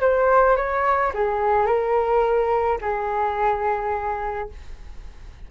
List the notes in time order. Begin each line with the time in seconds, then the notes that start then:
0.00 C5
0.56 C#5
1.14 G#4
1.66 A#4
2.81 G#4